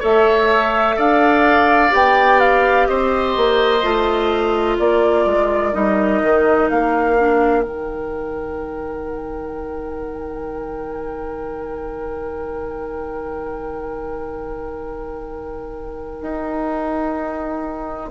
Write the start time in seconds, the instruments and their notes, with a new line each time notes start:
0.00 bassoon A3, clarinet A4, oboe C#5, flute E5
0.97 bassoon D4, oboe D5, flute F5
1.90 bassoon B3, clarinet G4, flute G5
2.40 flute F5
2.87 bassoon C4, oboe C5, flute D#5
3.37 bassoon A#3
3.83 bassoon A3, clarinet F4
4.77 bassoon A#3, oboe A#4, flute D5
5.26 bassoon G#3
5.72 bassoon G3, clarinet D#4, flute D#5
6.23 bassoon D#3
6.70 bassoon A#3, flute F5
7.19 clarinet D4
7.62 bassoon D#3, clarinet D#4, flute G5
16.22 bassoon D#4